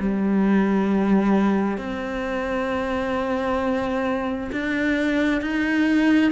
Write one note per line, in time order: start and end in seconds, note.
0.00 1.78 G3
1.78 4.51 C4
4.52 5.42 D4
5.42 6.32 D#4